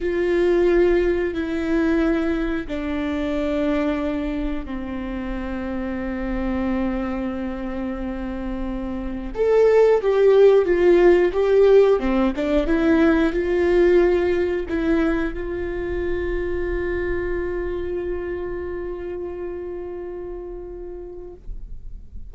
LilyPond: \new Staff \with { instrumentName = "viola" } { \time 4/4 \tempo 4 = 90 f'2 e'2 | d'2. c'4~ | c'1~ | c'2 a'4 g'4 |
f'4 g'4 c'8 d'8 e'4 | f'2 e'4 f'4~ | f'1~ | f'1 | }